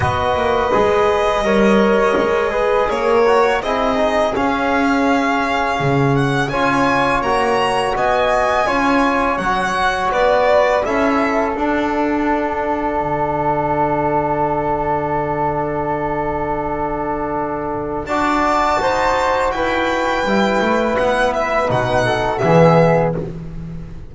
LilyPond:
<<
  \new Staff \with { instrumentName = "violin" } { \time 4/4 \tempo 4 = 83 dis''1 | cis''4 dis''4 f''2~ | f''8 fis''8 gis''4 ais''4 gis''4~ | gis''4 fis''4 d''4 e''4 |
fis''1~ | fis''1~ | fis''4 a''2 g''4~ | g''4 fis''8 e''8 fis''4 e''4 | }
  \new Staff \with { instrumentName = "flute" } { \time 4/4 b'2 cis''4. b'8 | ais'4 gis'2.~ | gis'4 cis''2 dis''4 | cis''2 b'4 a'4~ |
a'1~ | a'1~ | a'4 d''4 c''4 b'4~ | b'2~ b'8 a'8 gis'4 | }
  \new Staff \with { instrumentName = "trombone" } { \time 4/4 fis'4 gis'4 ais'4. gis'8~ | gis'8 fis'8 e'8 dis'8 cis'2~ | cis'4 f'4 fis'2 | f'4 fis'2 e'4 |
d'1~ | d'1~ | d'4 fis'2. | e'2 dis'4 b4 | }
  \new Staff \with { instrumentName = "double bass" } { \time 4/4 b8 ais8 gis4 g4 gis4 | ais4 c'4 cis'2 | cis4 cis'4 ais4 b4 | cis'4 fis4 b4 cis'4 |
d'2 d2~ | d1~ | d4 d'4 dis'4 e'4 | g8 a8 b4 b,4 e4 | }
>>